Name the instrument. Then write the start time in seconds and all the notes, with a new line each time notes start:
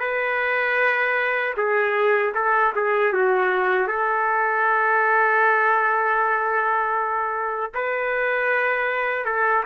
trumpet
0.00 B4
1.57 G#4
2.35 A4
2.76 G#4
3.13 F#4
3.87 A4
7.74 B4
9.26 A4